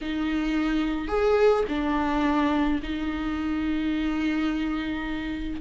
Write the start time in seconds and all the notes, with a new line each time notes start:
0.01 D#4
1.08 G#4
1.68 D4
2.82 D#4